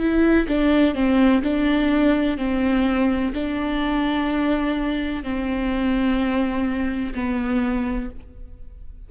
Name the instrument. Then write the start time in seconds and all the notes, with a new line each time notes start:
viola
0.00 E4
0.48 D4
0.95 C4
1.44 D4
2.38 C4
3.34 D4
5.24 C4
7.15 B3